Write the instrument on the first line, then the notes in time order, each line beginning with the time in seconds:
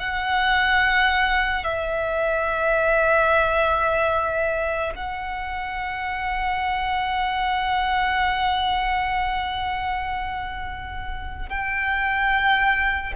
violin
0.00 F#5
1.64 E5
4.96 F#5
11.50 G5